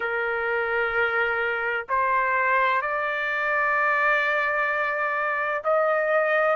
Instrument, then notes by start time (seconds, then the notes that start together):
trumpet
0.00 A#4
1.88 C5
2.81 D5
5.63 D#5